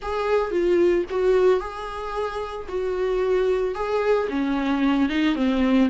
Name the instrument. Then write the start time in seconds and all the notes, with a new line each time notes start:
viola
0.01 G#4
0.51 F4
1.10 F#4
1.59 G#4
2.68 F#4
3.74 G#4
4.29 C#4
5.09 D#4
5.35 C4